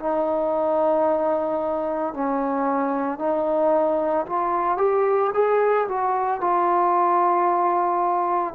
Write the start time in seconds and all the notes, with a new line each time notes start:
0.00 D#4
2.14 C#4
3.19 D#4
4.26 F4
4.78 G4
5.34 G#4
5.88 F#4
6.41 F4